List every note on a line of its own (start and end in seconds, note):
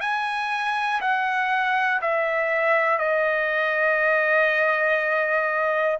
0.00 1.00 G#5
1.00 2.00 F#5
2.01 2.98 E5
2.98 5.98 D#5